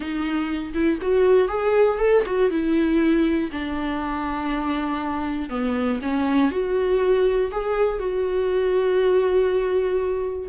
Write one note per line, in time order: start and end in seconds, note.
0.00 0.73 D#4
0.74 0.99 E4
1.01 1.48 F#4
1.48 1.98 G#4
1.98 2.23 A4
2.25 2.50 F#4
2.50 3.50 E4
3.51 5.49 D4
5.49 5.99 B3
6.01 6.51 C#4
6.51 7.51 F#4
7.51 7.99 G#4
7.99 10.49 F#4